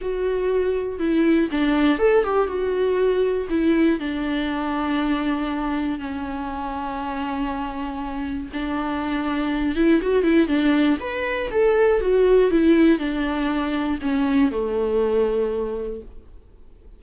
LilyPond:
\new Staff \with { instrumentName = "viola" } { \time 4/4 \tempo 4 = 120 fis'2 e'4 d'4 | a'8 g'8 fis'2 e'4 | d'1 | cis'1~ |
cis'4 d'2~ d'8 e'8 | fis'8 e'8 d'4 b'4 a'4 | fis'4 e'4 d'2 | cis'4 a2. | }